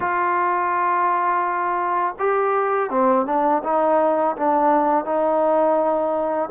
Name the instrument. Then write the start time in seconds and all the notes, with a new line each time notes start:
trombone
0.00 F4
2.19 G4
2.89 C4
3.26 D4
3.63 D#4
4.36 D4
5.04 D#4